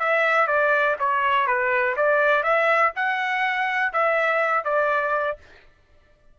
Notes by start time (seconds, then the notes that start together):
0.00 E5
0.48 D5
1.00 C#5
1.47 B4
1.96 D5
2.43 E5
2.96 F#5
3.93 E5
4.65 D5